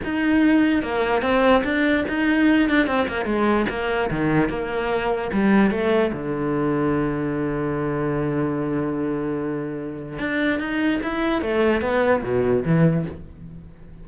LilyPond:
\new Staff \with { instrumentName = "cello" } { \time 4/4 \tempo 4 = 147 dis'2 ais4 c'4 | d'4 dis'4. d'8 c'8 ais8 | gis4 ais4 dis4 ais4~ | ais4 g4 a4 d4~ |
d1~ | d1~ | d4 d'4 dis'4 e'4 | a4 b4 b,4 e4 | }